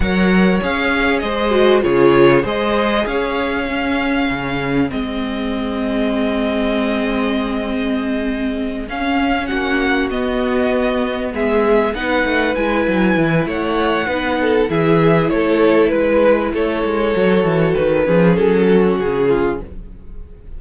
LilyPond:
<<
  \new Staff \with { instrumentName = "violin" } { \time 4/4 \tempo 4 = 98 fis''4 f''4 dis''4 cis''4 | dis''4 f''2. | dis''1~ | dis''2~ dis''8 f''4 fis''8~ |
fis''8 dis''2 e''4 fis''8~ | fis''8 gis''4. fis''2 | e''4 cis''4 b'4 cis''4~ | cis''4 b'4 a'4 gis'4 | }
  \new Staff \with { instrumentName = "violin" } { \time 4/4 cis''2 c''4 gis'4 | c''4 cis''4 gis'2~ | gis'1~ | gis'2.~ gis'8 fis'8~ |
fis'2~ fis'8 gis'4 b'8~ | b'2 cis''4 b'8 a'8 | gis'4 a'4 b'4 a'4~ | a'4. gis'4 fis'4 f'8 | }
  \new Staff \with { instrumentName = "viola" } { \time 4/4 ais'4 gis'4. fis'8 f'4 | gis'2 cis'2 | c'1~ | c'2~ c'8 cis'4.~ |
cis'8 b2. dis'8~ | dis'8 e'2~ e'8 dis'4 | e'1 | fis'4. cis'2~ cis'8 | }
  \new Staff \with { instrumentName = "cello" } { \time 4/4 fis4 cis'4 gis4 cis4 | gis4 cis'2 cis4 | gis1~ | gis2~ gis8 cis'4 ais8~ |
ais8 b2 gis4 b8 | a8 gis8 fis8 e8 a4 b4 | e4 a4 gis4 a8 gis8 | fis8 e8 dis8 f8 fis4 cis4 | }
>>